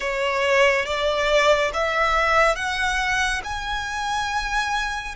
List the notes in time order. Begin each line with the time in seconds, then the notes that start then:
0.00 C#5
0.85 D5
1.73 E5
2.55 F#5
3.44 G#5